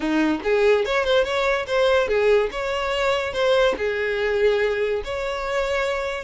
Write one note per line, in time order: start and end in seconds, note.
0.00 0.40 D#4
0.43 0.85 G#4
0.85 1.04 C#5
1.04 1.24 C5
1.24 1.66 C#5
1.66 2.08 C5
2.08 2.49 G#4
2.51 3.33 C#5
3.33 3.74 C5
3.77 5.02 G#4
5.04 6.23 C#5